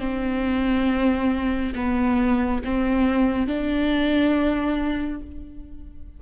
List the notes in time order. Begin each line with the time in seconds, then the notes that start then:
0.00 C4
1.75 B3
2.65 C4
3.47 D4